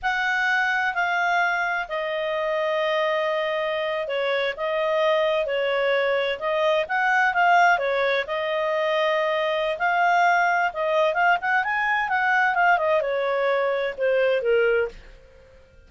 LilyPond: \new Staff \with { instrumentName = "clarinet" } { \time 4/4 \tempo 4 = 129 fis''2 f''2 | dis''1~ | dis''8. cis''4 dis''2 cis''16~ | cis''4.~ cis''16 dis''4 fis''4 f''16~ |
f''8. cis''4 dis''2~ dis''16~ | dis''4 f''2 dis''4 | f''8 fis''8 gis''4 fis''4 f''8 dis''8 | cis''2 c''4 ais'4 | }